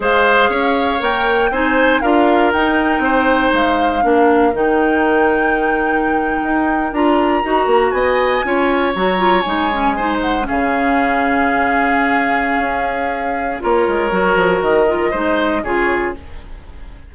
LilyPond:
<<
  \new Staff \with { instrumentName = "flute" } { \time 4/4 \tempo 4 = 119 f''2 g''4 gis''4 | f''4 g''2 f''4~ | f''4 g''2.~ | g''4.~ g''16 ais''2 gis''16~ |
gis''4.~ gis''16 ais''4 gis''4~ gis''16~ | gis''16 fis''8 f''2.~ f''16~ | f''2. cis''4~ | cis''4 dis''2 cis''4 | }
  \new Staff \with { instrumentName = "oboe" } { \time 4/4 c''4 cis''2 c''4 | ais'2 c''2 | ais'1~ | ais'2.~ ais'8. dis''16~ |
dis''8. cis''2. c''16~ | c''8. gis'2.~ gis'16~ | gis'2. ais'4~ | ais'2 c''4 gis'4 | }
  \new Staff \with { instrumentName = "clarinet" } { \time 4/4 gis'2 ais'4 dis'4 | f'4 dis'2. | d'4 dis'2.~ | dis'4.~ dis'16 f'4 fis'4~ fis'16~ |
fis'8. f'4 fis'8 f'8 dis'8 cis'8 dis'16~ | dis'8. cis'2.~ cis'16~ | cis'2. f'4 | fis'4. f'8 dis'4 f'4 | }
  \new Staff \with { instrumentName = "bassoon" } { \time 4/4 gis4 cis'4 ais4 c'4 | d'4 dis'4 c'4 gis4 | ais4 dis2.~ | dis8. dis'4 d'4 dis'8 ais8 b16~ |
b8. cis'4 fis4 gis4~ gis16~ | gis8. cis2.~ cis16~ | cis4 cis'2 ais8 gis8 | fis8 f8 dis4 gis4 cis4 | }
>>